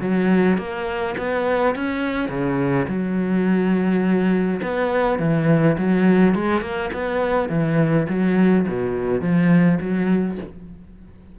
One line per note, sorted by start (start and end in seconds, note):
0.00 0.58 F#3
0.58 1.15 A#3
1.18 1.75 B3
1.75 2.29 C#4
2.29 2.86 C#3
2.88 4.61 F#3
4.62 5.19 B3
5.19 5.77 E3
5.78 6.35 F#3
6.35 6.61 G#3
6.61 6.90 A#3
6.93 7.49 B3
7.49 8.07 E3
8.08 8.66 F#3
8.68 9.21 B2
9.21 9.79 F3
9.81 10.38 F#3